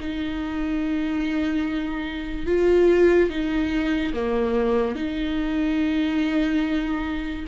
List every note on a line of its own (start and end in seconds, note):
0.00 2.47 D#4
2.47 3.30 F4
3.30 4.13 D#4
4.14 4.96 A#3
4.96 7.46 D#4